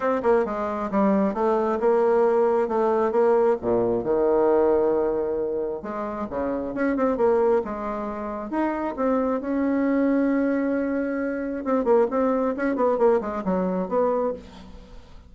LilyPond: \new Staff \with { instrumentName = "bassoon" } { \time 4/4 \tempo 4 = 134 c'8 ais8 gis4 g4 a4 | ais2 a4 ais4 | ais,4 dis2.~ | dis4 gis4 cis4 cis'8 c'8 |
ais4 gis2 dis'4 | c'4 cis'2.~ | cis'2 c'8 ais8 c'4 | cis'8 b8 ais8 gis8 fis4 b4 | }